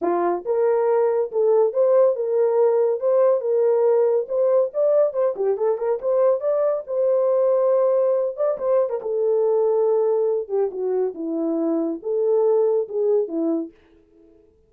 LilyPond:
\new Staff \with { instrumentName = "horn" } { \time 4/4 \tempo 4 = 140 f'4 ais'2 a'4 | c''4 ais'2 c''4 | ais'2 c''4 d''4 | c''8 g'8 a'8 ais'8 c''4 d''4 |
c''2.~ c''8 d''8 | c''8. ais'16 a'2.~ | a'8 g'8 fis'4 e'2 | a'2 gis'4 e'4 | }